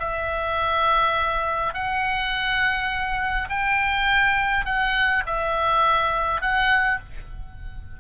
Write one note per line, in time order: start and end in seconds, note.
0.00 1.74 E5
1.74 3.49 F#5
3.50 4.65 G5
4.65 5.23 F#5
5.26 6.41 E5
6.41 7.00 F#5